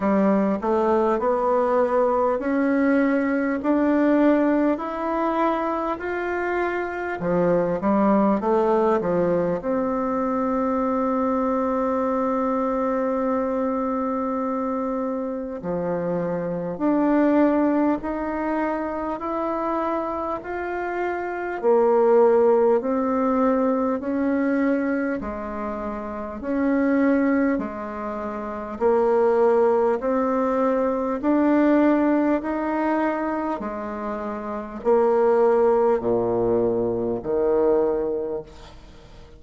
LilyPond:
\new Staff \with { instrumentName = "bassoon" } { \time 4/4 \tempo 4 = 50 g8 a8 b4 cis'4 d'4 | e'4 f'4 f8 g8 a8 f8 | c'1~ | c'4 f4 d'4 dis'4 |
e'4 f'4 ais4 c'4 | cis'4 gis4 cis'4 gis4 | ais4 c'4 d'4 dis'4 | gis4 ais4 ais,4 dis4 | }